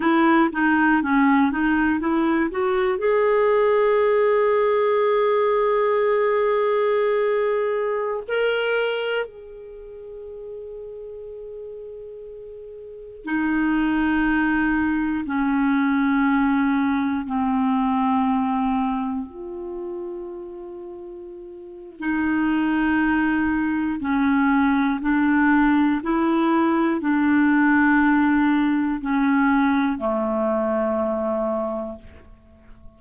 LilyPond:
\new Staff \with { instrumentName = "clarinet" } { \time 4/4 \tempo 4 = 60 e'8 dis'8 cis'8 dis'8 e'8 fis'8 gis'4~ | gis'1~ | gis'16 ais'4 gis'2~ gis'8.~ | gis'4~ gis'16 dis'2 cis'8.~ |
cis'4~ cis'16 c'2 f'8.~ | f'2 dis'2 | cis'4 d'4 e'4 d'4~ | d'4 cis'4 a2 | }